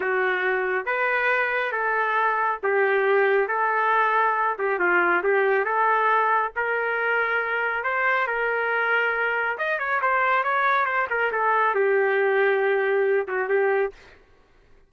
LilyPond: \new Staff \with { instrumentName = "trumpet" } { \time 4/4 \tempo 4 = 138 fis'2 b'2 | a'2 g'2 | a'2~ a'8 g'8 f'4 | g'4 a'2 ais'4~ |
ais'2 c''4 ais'4~ | ais'2 dis''8 cis''8 c''4 | cis''4 c''8 ais'8 a'4 g'4~ | g'2~ g'8 fis'8 g'4 | }